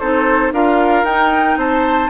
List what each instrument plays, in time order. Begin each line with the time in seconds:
0.00 bassoon C4, clarinet D#4, oboe A4, flute C5
0.52 bassoon D4, clarinet F4, oboe A#4, flute F5
1.04 bassoon D#4, clarinet D#4, flute G5
1.57 bassoon C4, oboe C5, flute A5